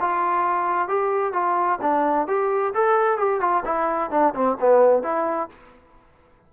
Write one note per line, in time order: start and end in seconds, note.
0.00 0.88 F4
0.88 1.33 G4
1.33 1.79 F4
1.81 2.27 D4
2.27 2.73 G4
2.74 3.18 A4
3.18 3.40 G4
3.40 3.63 F4
3.65 4.11 E4
4.11 4.34 D4
4.34 4.57 C4
4.60 5.03 B3
5.03 5.49 E4